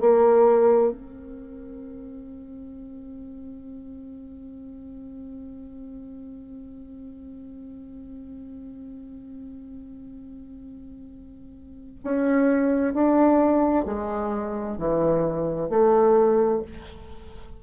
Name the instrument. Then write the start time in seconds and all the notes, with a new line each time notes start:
bassoon
0.00 A#3
0.92 C4
12.04 C#4
12.94 D4
13.85 G#3
14.77 E3
15.69 A3